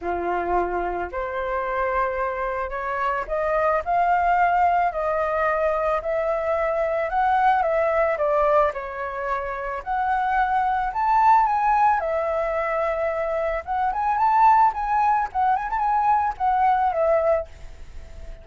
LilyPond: \new Staff \with { instrumentName = "flute" } { \time 4/4 \tempo 4 = 110 f'2 c''2~ | c''4 cis''4 dis''4 f''4~ | f''4 dis''2 e''4~ | e''4 fis''4 e''4 d''4 |
cis''2 fis''2 | a''4 gis''4 e''2~ | e''4 fis''8 gis''8 a''4 gis''4 | fis''8 gis''16 a''16 gis''4 fis''4 e''4 | }